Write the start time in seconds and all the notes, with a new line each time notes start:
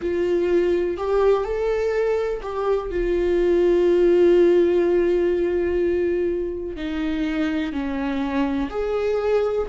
0.01 F4
0.97 G4
1.44 A4
2.42 G4
2.90 F4
6.76 D#4
7.72 C#4
8.70 G#4